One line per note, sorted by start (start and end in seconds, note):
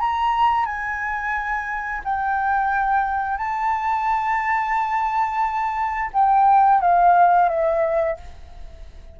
0.00 0.66 A#5
0.66 2.02 G#5
2.05 3.37 G5
3.37 6.10 A5
6.13 6.81 G5
6.81 7.49 F5
7.49 8.17 E5